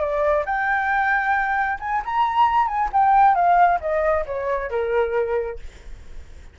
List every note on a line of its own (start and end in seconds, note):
0.00 0.44 D5
0.45 1.78 G5
1.80 2.02 G#5
2.05 2.67 A#5
2.67 2.89 G#5
2.92 3.35 G5
3.35 3.79 F5
3.80 4.25 D#5
4.26 4.70 C#5
4.70 5.59 A#4